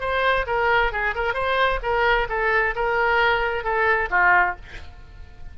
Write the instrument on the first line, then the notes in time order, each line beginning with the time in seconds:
oboe
0.00 C5
0.46 A#4
0.92 G#4
1.15 A#4
1.34 C5
1.82 A#4
2.29 A4
2.75 A#4
3.63 A4
4.10 F4